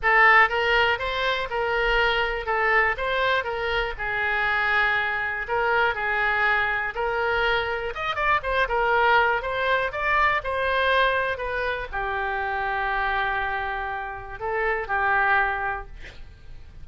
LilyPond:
\new Staff \with { instrumentName = "oboe" } { \time 4/4 \tempo 4 = 121 a'4 ais'4 c''4 ais'4~ | ais'4 a'4 c''4 ais'4 | gis'2. ais'4 | gis'2 ais'2 |
dis''8 d''8 c''8 ais'4. c''4 | d''4 c''2 b'4 | g'1~ | g'4 a'4 g'2 | }